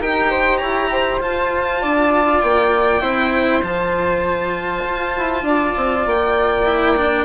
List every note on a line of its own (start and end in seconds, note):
0.00 0.61 D#4
0.00 1.19 G4
0.00 0.30 A#4
0.00 0.57 G5
0.30 0.58 C5
0.57 1.20 E4
0.57 0.89 C#5
0.57 1.17 A#5
0.91 1.81 C5
1.19 3.00 F4
1.19 1.81 F4
1.19 2.40 A5
1.81 2.42 D4
1.81 3.01 D5
2.40 3.02 A#3
2.40 3.61 G5
3.00 3.62 C4
3.00 3.61 E4
3.00 5.43 C5
3.62 4.83 F3
3.62 6.65 F4
3.62 6.06 A5
4.84 5.14 F4
5.17 5.42 E4
5.42 5.72 D4
5.42 7.25 D5
5.76 6.06 C4
6.06 7.25 A#3
6.06 7.25 G5
6.66 6.96 E4
6.96 7.25 D4